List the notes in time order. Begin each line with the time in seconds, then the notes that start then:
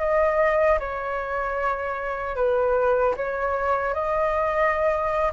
0.00 D#5
0.80 C#5
2.36 B4
3.17 C#5
3.94 D#5